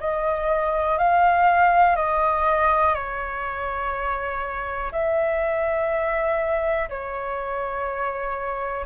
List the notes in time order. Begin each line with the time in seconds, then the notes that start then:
0.00 D#5
0.98 F5
1.96 D#5
2.94 C#5
4.92 E5
6.89 C#5